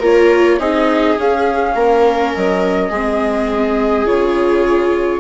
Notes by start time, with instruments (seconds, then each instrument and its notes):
0.00 bassoon A#3, viola F4 A#4, flute C#5
0.59 bassoon C4, viola D#4 G#4, flute D#5
1.18 bassoon C#4, viola C#4, flute F5
1.75 bassoon A#3, viola A#4
2.35 bassoon F#3, flute D#5
2.90 bassoon G#3, viola C4 G#4
4.06 bassoon C#3, viola F4, flute C#5